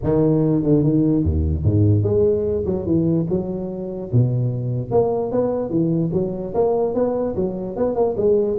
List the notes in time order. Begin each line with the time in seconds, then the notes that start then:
0.03 D#3
0.63 D3
0.83 D#3
1.23 D#2
1.63 G#2
2.03 G#3
2.65 F#3
2.86 E3
3.29 F#3
4.12 B2
4.91 A#3
5.31 B3
5.70 E3
6.13 F#3
6.54 A#3
6.94 B3
7.35 F#3
7.76 B3
7.95 A#3
8.17 G#3